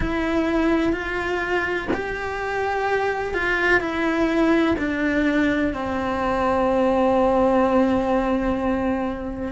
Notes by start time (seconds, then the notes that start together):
0.00 E4
0.92 F4
1.93 G4
3.33 F4
3.80 E4
4.78 D4
5.73 C4